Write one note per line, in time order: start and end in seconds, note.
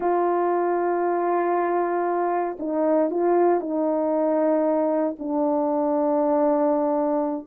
0.00 2.57 F4
2.59 3.10 D#4
3.10 3.60 F4
3.60 5.15 D#4
5.18 7.47 D4